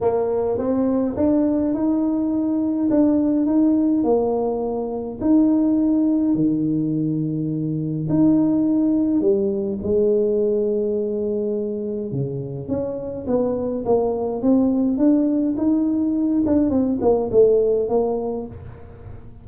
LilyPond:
\new Staff \with { instrumentName = "tuba" } { \time 4/4 \tempo 4 = 104 ais4 c'4 d'4 dis'4~ | dis'4 d'4 dis'4 ais4~ | ais4 dis'2 dis4~ | dis2 dis'2 |
g4 gis2.~ | gis4 cis4 cis'4 b4 | ais4 c'4 d'4 dis'4~ | dis'8 d'8 c'8 ais8 a4 ais4 | }